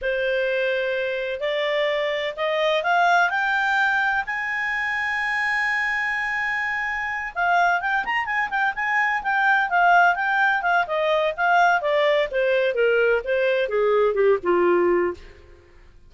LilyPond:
\new Staff \with { instrumentName = "clarinet" } { \time 4/4 \tempo 4 = 127 c''2. d''4~ | d''4 dis''4 f''4 g''4~ | g''4 gis''2.~ | gis''2.~ gis''8 f''8~ |
f''8 g''8 ais''8 gis''8 g''8 gis''4 g''8~ | g''8 f''4 g''4 f''8 dis''4 | f''4 d''4 c''4 ais'4 | c''4 gis'4 g'8 f'4. | }